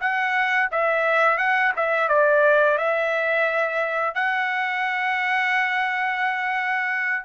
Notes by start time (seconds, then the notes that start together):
0.00 F#5
0.71 E5
1.38 F#5
1.76 E5
2.09 D5
2.78 E5
4.14 F#5